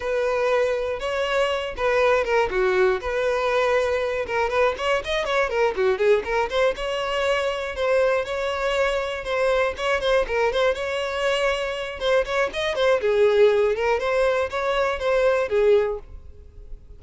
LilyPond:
\new Staff \with { instrumentName = "violin" } { \time 4/4 \tempo 4 = 120 b'2 cis''4. b'8~ | b'8 ais'8 fis'4 b'2~ | b'8 ais'8 b'8 cis''8 dis''8 cis''8 ais'8 fis'8 | gis'8 ais'8 c''8 cis''2 c''8~ |
c''8 cis''2 c''4 cis''8 | c''8 ais'8 c''8 cis''2~ cis''8 | c''8 cis''8 dis''8 c''8 gis'4. ais'8 | c''4 cis''4 c''4 gis'4 | }